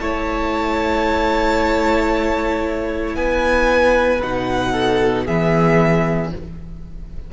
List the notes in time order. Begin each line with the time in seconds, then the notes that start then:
0.00 A3 E4 C#5 A5
3.16 B3 B4 G#5
4.22 B2 D#4 F#5
4.72 A4
5.26 E3 B3 G#4 E5